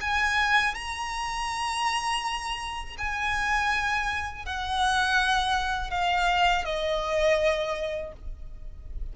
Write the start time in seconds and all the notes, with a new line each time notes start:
0.00 G#5
0.74 A#5
2.98 G#5
4.45 F#5
5.90 F5
6.64 D#5